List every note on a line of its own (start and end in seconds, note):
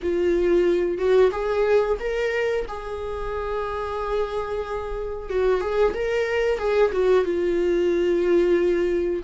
0.02 0.97 F4
0.97 1.30 F#4
1.31 1.97 G#4
1.99 2.65 A#4
2.68 5.29 G#4
5.29 5.60 F#4
5.60 5.93 G#4
5.93 6.58 A#4
6.58 6.91 G#4
6.92 7.25 F#4
7.25 9.22 F4